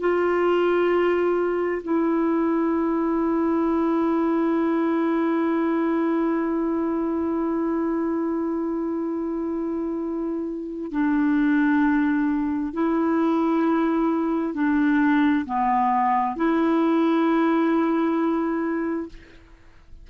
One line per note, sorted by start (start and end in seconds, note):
0.00 1.82 F4
1.83 10.91 E4
10.91 12.73 D4
12.73 14.54 E4
14.54 15.45 D4
15.46 16.36 B3
16.36 19.09 E4